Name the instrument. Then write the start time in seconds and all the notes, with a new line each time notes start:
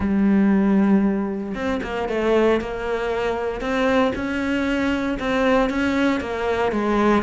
cello
0.00 G3
1.54 C4
1.83 A#3
2.09 A3
2.61 A#3
3.60 C4
4.15 C#4
5.19 C4
5.69 C#4
6.20 A#3
6.71 G#3